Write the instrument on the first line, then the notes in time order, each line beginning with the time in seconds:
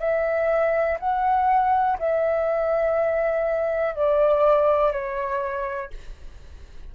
flute
0.00 E5
1.00 F#5
1.99 E5
3.96 D5
4.92 C#5